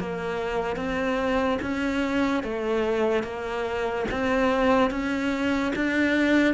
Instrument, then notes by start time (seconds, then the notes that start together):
cello
0.00 A#3
0.77 C4
1.62 C#4
2.44 A3
3.24 A#3
4.12 C4
4.91 C#4
5.76 D4